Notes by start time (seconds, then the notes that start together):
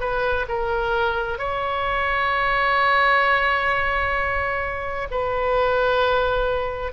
0.00 B4
0.48 A#4
1.39 C#5
5.11 B4